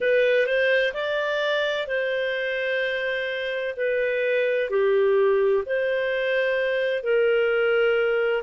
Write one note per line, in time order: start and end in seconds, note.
0.00 0.46 B4
0.46 0.93 C5
0.93 1.87 D5
1.87 3.75 C5
3.76 4.70 B4
4.70 5.63 G4
5.65 7.03 C5
7.03 8.42 A#4